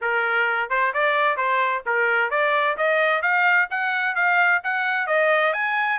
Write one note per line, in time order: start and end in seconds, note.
0.01 0.69 A#4
0.69 0.92 C5
0.93 1.36 D5
1.36 1.83 C5
1.85 2.30 A#4
2.30 2.76 D5
2.77 3.22 D#5
3.22 3.68 F5
3.70 4.15 F#5
4.15 4.61 F5
4.63 5.06 F#5
5.06 5.53 D#5
5.53 5.99 G#5